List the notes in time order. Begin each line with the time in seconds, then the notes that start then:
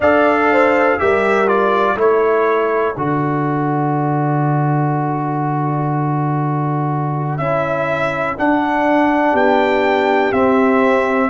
0.00 D4 A4 D5 F5
0.51 C5
0.99 G3 G4 A#4 E5
1.47 F4 D5
1.95 A3 E4 A4 C#5
2.97 D3 F#4 D5
7.37 C#4 E4 E5
8.37 D4 F#5
9.31 B3 G4 G5
10.32 C4 E5